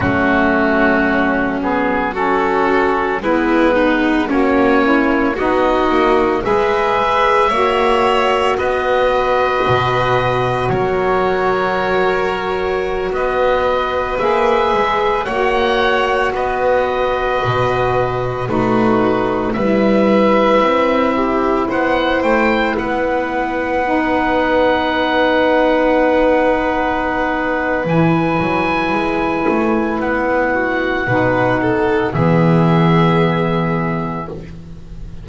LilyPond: <<
  \new Staff \with { instrumentName = "oboe" } { \time 4/4 \tempo 4 = 56 fis'4. gis'8 a'4 b'4 | cis''4 dis''4 e''2 | dis''2 cis''2~ | cis''16 dis''4 e''4 fis''4 dis''8.~ |
dis''4~ dis''16 b'4 e''4.~ e''16~ | e''16 fis''8 g''8 fis''2~ fis''8.~ | fis''2 gis''2 | fis''2 e''2 | }
  \new Staff \with { instrumentName = "violin" } { \time 4/4 cis'2 fis'4 e'8 dis'8 | cis'4 fis'4 b'4 cis''4 | b'2 ais'2~ | ais'16 b'2 cis''4 b'8.~ |
b'4~ b'16 fis'4 b'4. g'16~ | g'16 c''4 b'2~ b'8.~ | b'1~ | b'8 fis'8 b'8 a'8 gis'2 | }
  \new Staff \with { instrumentName = "saxophone" } { \time 4/4 a4. b8 cis'4 b4 | fis'8 e'8 dis'4 gis'4 fis'4~ | fis'1~ | fis'4~ fis'16 gis'4 fis'4.~ fis'16~ |
fis'4~ fis'16 dis'4 e'4.~ e'16~ | e'2~ e'16 dis'4.~ dis'16~ | dis'2 e'2~ | e'4 dis'4 b2 | }
  \new Staff \with { instrumentName = "double bass" } { \time 4/4 fis2. gis4 | ais4 b8 ais8 gis4 ais4 | b4 b,4 fis2~ | fis16 b4 ais8 gis8 ais4 b8.~ |
b16 b,4 a4 g4 c'8.~ | c'16 b8 a8 b2~ b8.~ | b2 e8 fis8 gis8 a8 | b4 b,4 e2 | }
>>